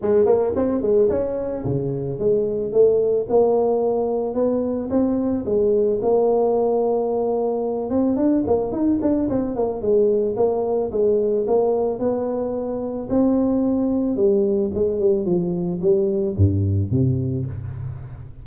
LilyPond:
\new Staff \with { instrumentName = "tuba" } { \time 4/4 \tempo 4 = 110 gis8 ais8 c'8 gis8 cis'4 cis4 | gis4 a4 ais2 | b4 c'4 gis4 ais4~ | ais2~ ais8 c'8 d'8 ais8 |
dis'8 d'8 c'8 ais8 gis4 ais4 | gis4 ais4 b2 | c'2 g4 gis8 g8 | f4 g4 g,4 c4 | }